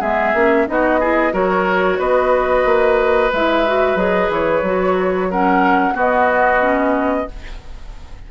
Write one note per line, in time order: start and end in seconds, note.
0.00 0.34 G#3
0.00 0.35 B3
0.00 0.66 G#4
0.00 0.68 E5
0.34 0.67 A#3
0.34 0.67 C#4
0.67 1.33 B3
0.67 1.00 D#4
0.67 1.00 F#4
0.67 1.34 D#5
1.00 1.32 E4
1.00 1.33 G#4
1.32 1.99 F#3
1.32 3.30 F#4
1.32 1.99 A#4
1.32 2.00 C#5
1.99 2.65 B3
1.99 5.29 B4
1.99 3.32 D#5
2.65 3.31 A#3
3.33 3.96 G#3
3.33 3.67 E4
3.33 3.97 E5
3.67 3.97 F#4
3.96 4.29 F#3
3.96 4.63 G#4
3.96 4.30 D#5
4.30 4.62 E3
4.30 5.31 C#5
4.62 5.94 F#3
4.62 5.31 F#4
5.30 5.93 C#4
5.30 5.95 A#4
5.30 5.97 F#5
5.93 6.59 B3
5.93 7.27 B3
5.93 7.26 F#4
5.99 7.31 D#5
6.60 7.26 C#4